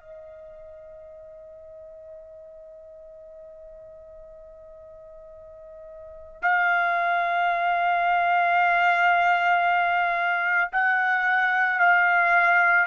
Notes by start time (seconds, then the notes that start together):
0.00 D#5
6.42 F5
10.72 F#5
11.79 F5